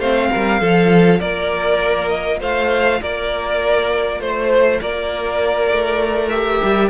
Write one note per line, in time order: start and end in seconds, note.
0.00 0.30 A3
0.00 0.62 C4
0.00 0.30 C5
0.00 1.21 F5
0.32 0.62 G3
0.32 0.61 A#4
0.61 1.22 F3
0.61 6.32 F4
0.61 1.20 A4
1.20 2.42 A#3
1.20 2.40 A#4
1.20 2.09 D5
2.09 2.39 D#5
2.41 3.02 A3
2.41 3.00 C5
2.41 3.02 F5
3.02 4.21 A#3
3.02 4.22 A#4
3.02 4.21 D5
4.21 4.81 A3
4.21 4.81 C5
4.81 5.72 A#3
4.81 6.90 A#4
4.81 6.29 D5
5.72 6.62 A3
6.29 6.90 G4
6.29 6.89 E5
6.63 6.90 G3